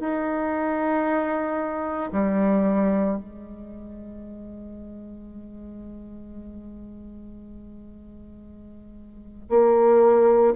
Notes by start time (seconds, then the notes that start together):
0.00 D#4
2.12 G3
3.17 G#3
9.50 A#3